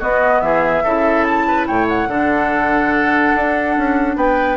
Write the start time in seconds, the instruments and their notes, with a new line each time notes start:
0.00 clarinet B3, bassoon B3, oboe F#4, flute D#5
0.41 bassoon E3, oboe G#4, flute E5
0.84 bassoon C#3, clarinet E4, oboe A4
1.24 flute A5
1.48 oboe B4
1.67 bassoon A2, oboe C#5, flute G5
1.89 flute F#5
2.08 bassoon D3, clarinet D4, oboe A4
3.35 bassoon D4
3.78 bassoon C#4
4.16 bassoon B3, oboe B4, flute G5